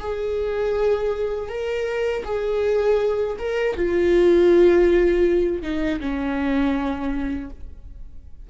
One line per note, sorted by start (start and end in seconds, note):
0.00 1.49 G#4
1.49 2.24 A#4
2.25 3.37 G#4
3.39 3.76 A#4
3.76 5.62 F4
5.62 6.00 D#4
6.00 7.50 C#4